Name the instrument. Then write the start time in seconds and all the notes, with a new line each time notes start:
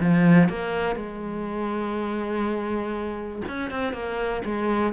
cello
0.00 F3
0.49 A#3
0.96 G#3
3.49 C#4
3.71 C4
3.93 A#3
4.45 G#3